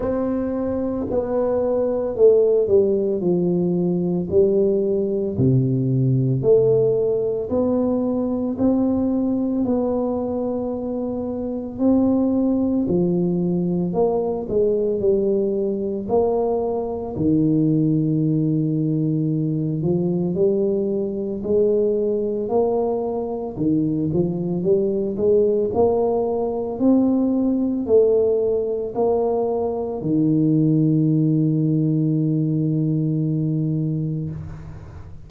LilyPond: \new Staff \with { instrumentName = "tuba" } { \time 4/4 \tempo 4 = 56 c'4 b4 a8 g8 f4 | g4 c4 a4 b4 | c'4 b2 c'4 | f4 ais8 gis8 g4 ais4 |
dis2~ dis8 f8 g4 | gis4 ais4 dis8 f8 g8 gis8 | ais4 c'4 a4 ais4 | dis1 | }